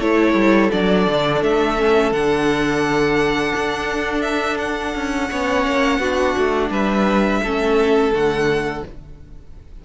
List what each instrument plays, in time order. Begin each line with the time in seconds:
0.00 cello A3, viola E4, violin A4 C#5
0.34 cello G3
0.71 cello F#3, viola D4, violin D5
1.07 cello D3
1.42 cello A3, violin E5
1.77 viola C#4
2.12 cello D3, viola D4, violin F#5
3.55 cello D4
4.22 violin E5
4.58 violin F#5
4.95 cello C#4
5.30 cello B3, viola C#4, violin C#5
5.67 cello A#3
5.98 cello B3, viola D4, violin F#4
6.38 cello A3
6.70 cello G3, violin B4 E5
7.43 cello A3, viola C#4, violin A4
8.12 cello D3, viola A3, violin F#5